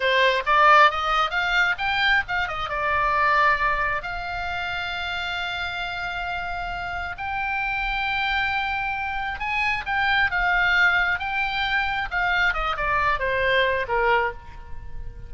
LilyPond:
\new Staff \with { instrumentName = "oboe" } { \time 4/4 \tempo 4 = 134 c''4 d''4 dis''4 f''4 | g''4 f''8 dis''8 d''2~ | d''4 f''2.~ | f''1 |
g''1~ | g''4 gis''4 g''4 f''4~ | f''4 g''2 f''4 | dis''8 d''4 c''4. ais'4 | }